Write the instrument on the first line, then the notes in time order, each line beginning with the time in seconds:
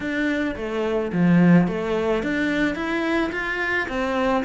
cello
0.00 D4
0.56 A3
1.12 F3
1.67 A3
2.22 D4
2.75 E4
3.32 F4
3.88 C4